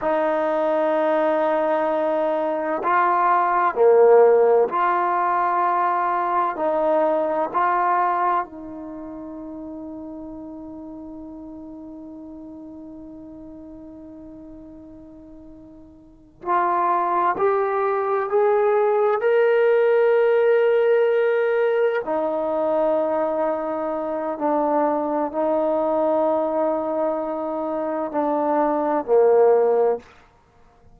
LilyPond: \new Staff \with { instrumentName = "trombone" } { \time 4/4 \tempo 4 = 64 dis'2. f'4 | ais4 f'2 dis'4 | f'4 dis'2.~ | dis'1~ |
dis'4. f'4 g'4 gis'8~ | gis'8 ais'2. dis'8~ | dis'2 d'4 dis'4~ | dis'2 d'4 ais4 | }